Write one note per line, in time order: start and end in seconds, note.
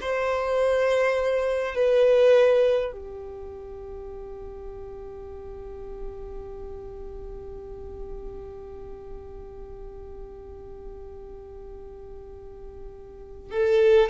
0.00 1.74 C5
1.74 2.91 B4
2.91 13.50 G4
13.51 14.09 A4